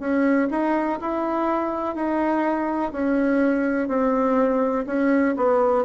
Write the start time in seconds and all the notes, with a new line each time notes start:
0.00 C#4
0.51 D#4
1.01 E4
1.95 D#4
2.93 C#4
3.88 C4
4.87 C#4
5.37 B3